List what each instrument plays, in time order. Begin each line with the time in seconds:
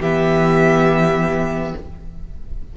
0.00 cello E3, viola B3, violin G4 E5